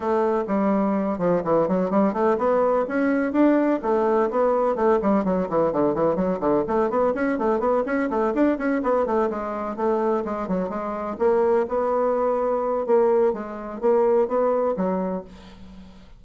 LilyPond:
\new Staff \with { instrumentName = "bassoon" } { \time 4/4 \tempo 4 = 126 a4 g4. f8 e8 fis8 | g8 a8 b4 cis'4 d'4 | a4 b4 a8 g8 fis8 e8 | d8 e8 fis8 d8 a8 b8 cis'8 a8 |
b8 cis'8 a8 d'8 cis'8 b8 a8 gis8~ | gis8 a4 gis8 fis8 gis4 ais8~ | ais8 b2~ b8 ais4 | gis4 ais4 b4 fis4 | }